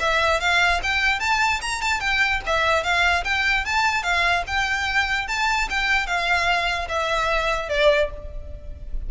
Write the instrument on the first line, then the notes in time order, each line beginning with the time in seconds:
violin
0.00 E5
0.41 F5
0.83 G5
1.20 A5
1.62 A#5
1.82 A5
2.01 G5
2.47 E5
2.84 F5
3.25 G5
3.65 A5
4.03 F5
4.47 G5
5.28 A5
5.70 G5
6.07 F5
6.89 E5
7.69 D5